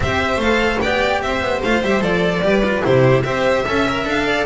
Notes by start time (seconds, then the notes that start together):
0.00 C4 G4 C5 E5
0.36 A3 A4 F5
0.80 B3 G4 D5 G5
1.21 C4 C5 E5
1.41 B3
1.62 A3 F4 F5
1.81 G3 G4 E5
2.00 F3 A4 D5
2.41 G3 G4 B4
2.64 F4
2.82 C3 E4 G4 C5
3.22 C4 G4 C5 E5
3.64 C#4 A4 E5
3.88 A#4
4.04 D4 A4 F5
4.25 D5